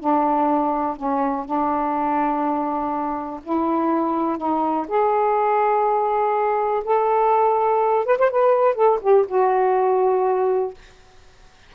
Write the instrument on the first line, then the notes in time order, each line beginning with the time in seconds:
saxophone
0.00 D4
0.97 C#4
1.45 D4
3.43 E4
4.38 D#4
4.88 G#4
6.84 A4
8.06 B4
8.19 C5
8.31 B4
8.75 A4
9.02 G4
9.28 F#4